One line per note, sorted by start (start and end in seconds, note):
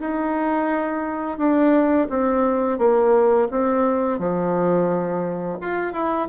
0.00 1.38 D#4
1.38 2.08 D4
2.10 2.78 C4
2.78 3.48 A#3
3.51 4.19 C4
4.19 5.59 F3
5.61 5.93 F4
5.93 6.28 E4